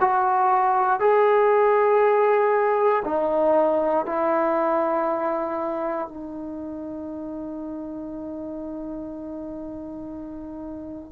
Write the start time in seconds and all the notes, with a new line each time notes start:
0.00 F#4
0.99 G#4
3.04 D#4
4.05 E4
6.08 D#4